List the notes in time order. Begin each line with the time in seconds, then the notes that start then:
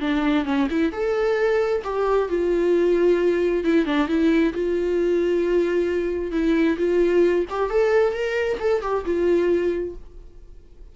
0.00 D4
0.45 C#4
0.70 E4
0.92 A4
1.84 G4
2.29 F4
3.64 E4
3.85 D4
4.08 E4
4.53 F4
6.32 E4
6.78 F4
7.49 G4
7.69 A4
8.13 A#4
8.59 A4
8.82 G4
9.05 F4